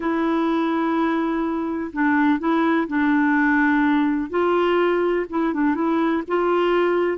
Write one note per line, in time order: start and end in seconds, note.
0.00 1.91 E4
1.92 2.39 D4
2.39 2.87 E4
2.87 4.29 D4
4.29 5.25 F4
5.29 5.53 E4
5.53 5.75 D4
5.75 6.23 E4
6.27 7.18 F4